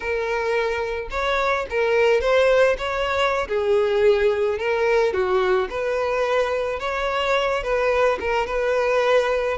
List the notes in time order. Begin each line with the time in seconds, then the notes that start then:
0.00 A#4
1.10 C#5
1.70 A#4
2.20 C5
2.78 C#5
3.48 G#4
4.58 A#4
5.13 F#4
5.69 B4
6.79 C#5
7.63 B4
8.19 A#4
8.46 B4